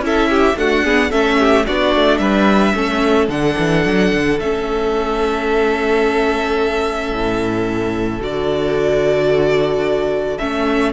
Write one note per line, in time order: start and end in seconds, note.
0.00 0.55 C#4
0.00 0.57 E4
0.00 0.30 A4
0.06 0.58 E5
0.30 0.57 G4
0.57 0.84 A3
0.57 1.11 D4
0.57 0.84 F#4
0.57 1.12 F#5
0.84 1.12 B3
0.84 1.11 G#4
1.11 1.68 A3
1.11 1.66 C#4
1.11 1.38 A4
1.11 1.66 E5
1.40 1.67 G4
1.67 1.96 B3
1.67 2.75 D4
1.67 2.20 F#4
1.67 2.18 D5
1.96 2.19 A3
2.18 2.74 G3
2.18 2.74 B4
2.18 3.27 E5
2.75 3.29 A3
2.75 3.30 C#4
2.75 10.93 A4
3.29 3.56 D3
3.29 4.40 D4
3.29 4.40 F#5
3.59 3.86 E3
3.86 4.13 F#3
4.13 4.39 D3
4.39 7.12 A3
4.39 8.21 C#4
4.39 8.22 E5
7.12 8.20 A2
8.20 10.38 D3
8.20 10.39 F#4
8.20 10.38 D5
10.38 10.93 A3
10.38 10.93 C#4
10.38 10.93 E5